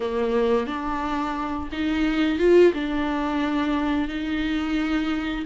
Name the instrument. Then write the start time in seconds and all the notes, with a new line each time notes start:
viola
0.00 A#3
0.66 D4
1.72 D#4
2.38 F4
2.73 D4
4.08 D#4